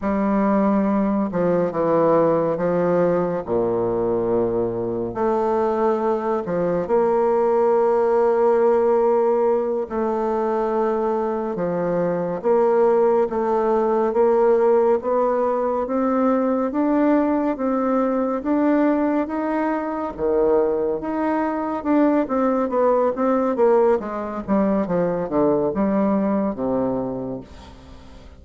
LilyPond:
\new Staff \with { instrumentName = "bassoon" } { \time 4/4 \tempo 4 = 70 g4. f8 e4 f4 | ais,2 a4. f8 | ais2.~ ais8 a8~ | a4. f4 ais4 a8~ |
a8 ais4 b4 c'4 d'8~ | d'8 c'4 d'4 dis'4 dis8~ | dis8 dis'4 d'8 c'8 b8 c'8 ais8 | gis8 g8 f8 d8 g4 c4 | }